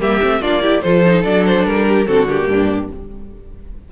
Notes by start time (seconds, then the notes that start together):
0.00 G3 A#3 G4 E5
0.22 A3 C4
0.42 A#3 D4 F4 D5
0.62 E4 G4
0.82 F3 F4 A4 C5
1.07 D#4
1.24 F#3 D4 D5
1.46 C5
1.66 G3 A#4
1.89 G4
2.07 D3 C4 F#4 A4
2.29 A#3 G4
2.47 G2 D4